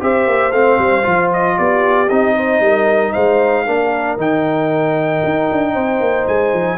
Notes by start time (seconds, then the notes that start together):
0.00 C4 G4 C5 E5
0.27 A#3
0.52 A3 C4 F5
0.78 G3
1.02 F3 F4
1.33 D#5
1.57 B3 G4 D5
2.09 C4 D#4 D#5
2.36 C5
2.60 G3 A#4
3.12 G#3 C5 F5
3.66 A#3 D4 A#4
4.17 D#3 D#4 G5
5.24 D#4
5.51 D4
5.73 C4 C5
6.00 A#3
6.27 G#3 G#5
6.53 F3